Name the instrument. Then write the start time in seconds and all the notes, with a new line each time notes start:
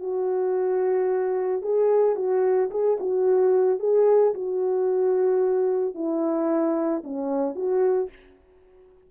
horn
0.00 F#4
1.62 G#4
2.16 F#4
2.71 G#4
3.00 F#4
3.80 G#4
4.34 F#4
5.95 E4
7.04 C#4
7.55 F#4